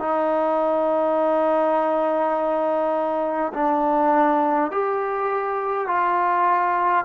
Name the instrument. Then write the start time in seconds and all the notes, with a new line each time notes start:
trombone
0.00 D#4
3.54 D4
4.72 G4
5.87 F4